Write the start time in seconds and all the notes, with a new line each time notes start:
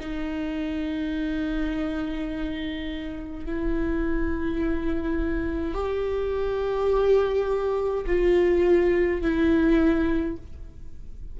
0.00 D#4
3.46 E4
5.74 G4
8.07 F4
9.22 E4